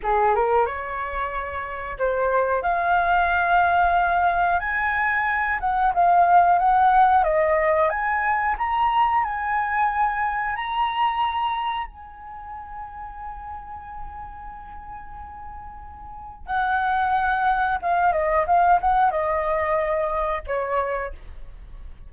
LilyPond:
\new Staff \with { instrumentName = "flute" } { \time 4/4 \tempo 4 = 91 gis'8 ais'8 cis''2 c''4 | f''2. gis''4~ | gis''8 fis''8 f''4 fis''4 dis''4 | gis''4 ais''4 gis''2 |
ais''2 gis''2~ | gis''1~ | gis''4 fis''2 f''8 dis''8 | f''8 fis''8 dis''2 cis''4 | }